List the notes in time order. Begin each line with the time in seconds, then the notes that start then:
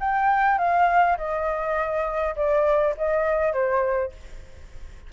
0.00 G5
0.58 F5
1.18 D#5
2.36 D5
2.97 D#5
3.53 C5